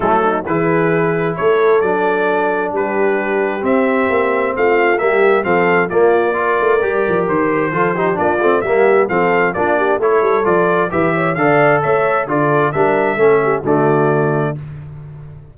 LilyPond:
<<
  \new Staff \with { instrumentName = "trumpet" } { \time 4/4 \tempo 4 = 132 a'4 b'2 cis''4 | d''2 b'2 | e''2 f''4 e''4 | f''4 d''2. |
c''2 d''4 e''4 | f''4 d''4 cis''4 d''4 | e''4 f''4 e''4 d''4 | e''2 d''2 | }
  \new Staff \with { instrumentName = "horn" } { \time 4/4 e'8 dis'8 gis'2 a'4~ | a'2 g'2~ | g'2 f'4 g'4 | a'4 f'4 ais'2~ |
ais'4 a'8 g'8 f'4 g'4 | a'4 f'8 g'8 a'2 | b'8 cis''8 d''4 cis''4 a'4 | ais'4 a'8 g'8 fis'2 | }
  \new Staff \with { instrumentName = "trombone" } { \time 4/4 a4 e'2. | d'1 | c'2. ais4 | c'4 ais4 f'4 g'4~ |
g'4 f'8 dis'8 d'8 c'8 ais4 | c'4 d'4 e'4 f'4 | g'4 a'2 f'4 | d'4 cis'4 a2 | }
  \new Staff \with { instrumentName = "tuba" } { \time 4/4 fis4 e2 a4 | fis2 g2 | c'4 ais4 a4 g4 | f4 ais4. a8 g8 f8 |
dis4 f4 ais8 a8 g4 | f4 ais4 a8 g8 f4 | e4 d4 a4 d4 | g4 a4 d2 | }
>>